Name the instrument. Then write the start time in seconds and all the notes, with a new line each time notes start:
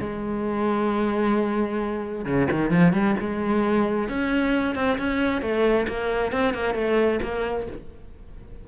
cello
0.00 G#3
2.25 C#3
2.51 D#3
2.71 F3
2.93 G3
3.20 G#3
4.09 C#4
4.75 C4
4.98 C#4
5.42 A3
5.88 A#3
6.32 C4
6.54 A#3
6.75 A3
7.22 A#3